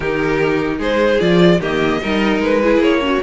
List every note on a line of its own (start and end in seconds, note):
0.00 0.78 D#3
0.00 1.20 D#4
0.00 0.78 G4
0.00 0.79 A#4
0.78 1.19 G#3
0.78 1.58 G#4
0.78 1.20 C5
1.20 1.59 F3
1.20 1.60 F4
1.20 1.60 D5
1.59 1.99 D#3
1.59 2.01 A#3
1.59 2.00 G4
1.59 2.42 D#5
2.01 2.39 G3
2.01 2.62 D#4
2.01 2.62 A#4
2.39 2.77 G#3
2.39 2.82 B4
2.62 3.03 E4
2.62 3.00 G#4
2.77 3.17 A#3
2.77 3.22 C#5
3.00 3.20 C#4
3.00 3.22 F#4